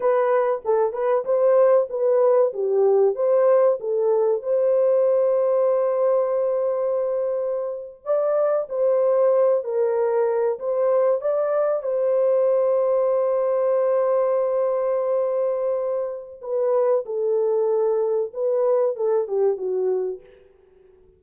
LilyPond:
\new Staff \with { instrumentName = "horn" } { \time 4/4 \tempo 4 = 95 b'4 a'8 b'8 c''4 b'4 | g'4 c''4 a'4 c''4~ | c''1~ | c''8. d''4 c''4. ais'8.~ |
ais'8. c''4 d''4 c''4~ c''16~ | c''1~ | c''2 b'4 a'4~ | a'4 b'4 a'8 g'8 fis'4 | }